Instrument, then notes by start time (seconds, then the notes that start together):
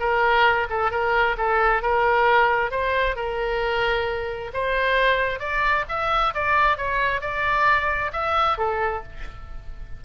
oboe
0.00 A#4
0.70 A4
0.91 A#4
1.38 A4
1.83 A#4
2.72 C5
3.16 A#4
4.54 C5
5.40 D5
5.89 E5
6.35 D5
6.78 C#5
7.22 D5
8.13 E5
8.58 A4